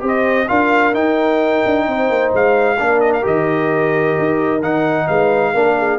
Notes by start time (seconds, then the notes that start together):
0.00 C4 G4 C5
0.08 D#5
0.48 D4 F4 A#4 F5
0.94 D#4 G5
1.66 D4
1.87 C4 C5
2.10 A#3
2.33 G#3 F5
2.77 A#3 D4 A#4
3.01 D#5
3.13 F5
3.22 D#3 G4 D#5
4.19 D#4
4.60 D#3 D#4 F#5
5.07 G#3 B4 F5
5.54 A#3 D4 A#4
5.79 G#4